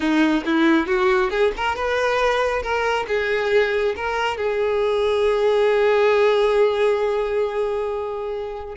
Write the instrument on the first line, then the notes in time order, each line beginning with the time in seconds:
violin
0.00 D#4
0.45 E4
0.87 F#4
1.30 G#4
1.57 A#4
1.75 B4
2.62 A#4
3.07 G#4
3.96 A#4
4.37 G#4